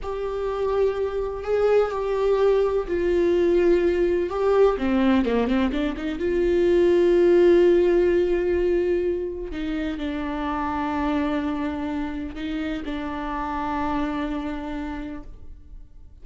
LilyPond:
\new Staff \with { instrumentName = "viola" } { \time 4/4 \tempo 4 = 126 g'2. gis'4 | g'2 f'2~ | f'4 g'4 c'4 ais8 c'8 | d'8 dis'8 f'2.~ |
f'1 | dis'4 d'2.~ | d'2 dis'4 d'4~ | d'1 | }